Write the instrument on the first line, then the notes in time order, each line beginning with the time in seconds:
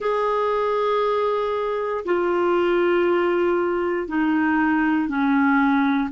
clarinet
0.00 G#4
2.05 F4
4.07 D#4
5.08 C#4